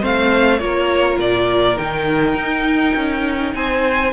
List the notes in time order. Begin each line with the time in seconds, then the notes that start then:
0.00 A3 C4 C5 F5
0.58 A#3 F4 A#4 C#5
1.19 A#2 D5
1.76 D#3 D#4 G5
2.34 D#4
2.95 C#4
3.54 C4 C5 G#5